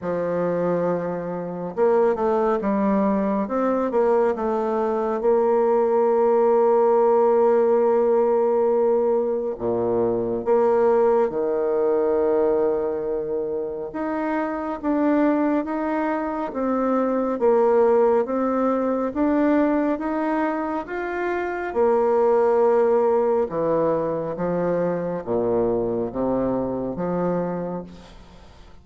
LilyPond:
\new Staff \with { instrumentName = "bassoon" } { \time 4/4 \tempo 4 = 69 f2 ais8 a8 g4 | c'8 ais8 a4 ais2~ | ais2. ais,4 | ais4 dis2. |
dis'4 d'4 dis'4 c'4 | ais4 c'4 d'4 dis'4 | f'4 ais2 e4 | f4 ais,4 c4 f4 | }